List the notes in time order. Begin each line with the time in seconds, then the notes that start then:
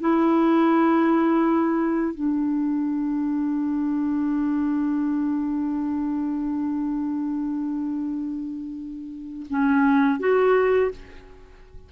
0.00 E4
2.14 D4
9.50 C#4
10.20 F#4